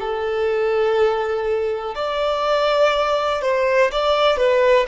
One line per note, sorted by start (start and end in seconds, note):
0.00 1.95 A4
1.95 3.42 D5
3.42 3.91 C5
3.92 4.37 D5
4.37 4.86 B4